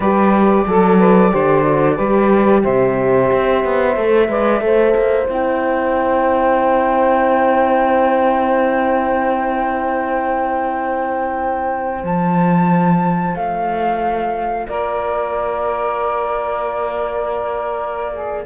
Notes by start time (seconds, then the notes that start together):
0.00 G3 G4 B4 D5
0.66 F#3 A4
0.98 B4
1.32 D3 G4 C5
1.63 F#4
1.95 G3 G4 B4
2.62 C3 C5 E5
3.32 C4
3.64 B3
3.95 A3 A4
4.28 G#3 B4 D5
4.60 A3 A4 C5
4.95 A#3
5.29 C4 E4 G5
12.03 F3 F4 A5
13.35 A3 F5
14.67 A#3 A#4 D5
18.12 G#4